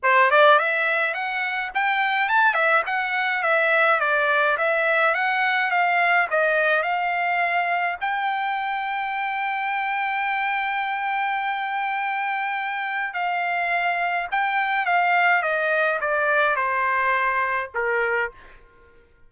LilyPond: \new Staff \with { instrumentName = "trumpet" } { \time 4/4 \tempo 4 = 105 c''8 d''8 e''4 fis''4 g''4 | a''8 e''8 fis''4 e''4 d''4 | e''4 fis''4 f''4 dis''4 | f''2 g''2~ |
g''1~ | g''2. f''4~ | f''4 g''4 f''4 dis''4 | d''4 c''2 ais'4 | }